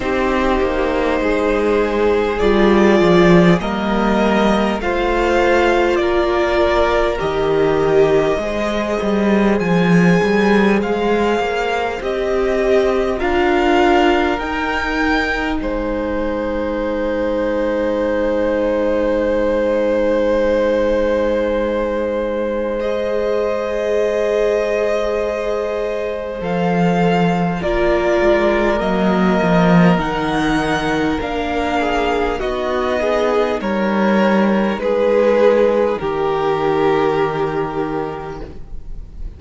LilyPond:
<<
  \new Staff \with { instrumentName = "violin" } { \time 4/4 \tempo 4 = 50 c''2 d''4 dis''4 | f''4 d''4 dis''2 | gis''4 f''4 dis''4 f''4 | g''4 gis''2.~ |
gis''2. dis''4~ | dis''2 f''4 d''4 | dis''4 fis''4 f''4 dis''4 | cis''4 b'4 ais'2 | }
  \new Staff \with { instrumentName = "violin" } { \time 4/4 g'4 gis'2 ais'4 | c''4 ais'2 c''4~ | c''2. ais'4~ | ais'4 c''2.~ |
c''1~ | c''2. ais'4~ | ais'2~ ais'8 gis'8 fis'8 gis'8 | ais'4 gis'4 g'2 | }
  \new Staff \with { instrumentName = "viola" } { \time 4/4 dis'2 f'4 ais4 | f'2 g'4 gis'4~ | gis'2 g'4 f'4 | dis'1~ |
dis'2. gis'4~ | gis'2 a'4 f'4 | ais4 dis'4 d'4 dis'4~ | dis'1 | }
  \new Staff \with { instrumentName = "cello" } { \time 4/4 c'8 ais8 gis4 g8 f8 g4 | a4 ais4 dis4 gis8 g8 | f8 g8 gis8 ais8 c'4 d'4 | dis'4 gis2.~ |
gis1~ | gis2 f4 ais8 gis8 | fis8 f8 dis4 ais4 b4 | g4 gis4 dis2 | }
>>